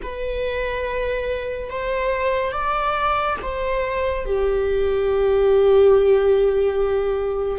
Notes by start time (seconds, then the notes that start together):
0.02 B4
1.69 C5
2.51 D5
3.42 C5
4.25 G4